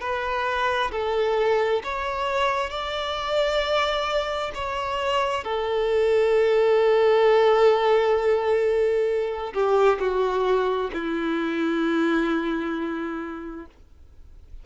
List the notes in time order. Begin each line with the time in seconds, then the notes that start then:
0.00 B4
0.91 A4
1.83 C#5
2.70 D5
4.54 C#5
5.44 A4
9.53 G4
9.99 F#4
10.93 E4